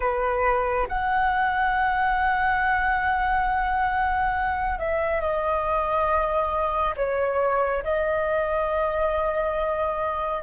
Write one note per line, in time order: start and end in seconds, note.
0.00 0.87 B4
0.88 4.78 F#5
4.78 5.20 E5
5.20 6.94 D#5
6.96 7.83 C#5
7.83 10.42 D#5